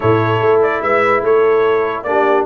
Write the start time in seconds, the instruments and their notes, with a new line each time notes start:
0.00 tuba A2, trombone E4, horn A4, trumpet C#5
0.40 tuba A3
0.62 trumpet D5
0.82 tuba G#3, horn B4, trumpet E5
1.22 tuba A3, horn A4, trumpet C#5
2.03 tuba A#3, trombone D4, horn G4, trumpet D5